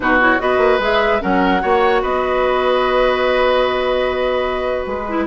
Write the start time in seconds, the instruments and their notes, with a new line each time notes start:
0.00 bassoon B2, clarinet D#4, oboe F#4, flute B4
0.20 clarinet E4, flute C#5
0.39 bassoon B3, clarinet F#4, oboe B4, flute D#5
0.58 bassoon A#3
0.79 bassoon G#3, clarinet G#4, flute E5
1.20 bassoon F#3, clarinet C#4, oboe A#4, flute F#5
1.60 bassoon A#3, clarinet F#4, oboe C#5
2.02 bassoon B3, oboe B4, flute D#5
4.85 bassoon G#3, flute B4
5.08 clarinet E4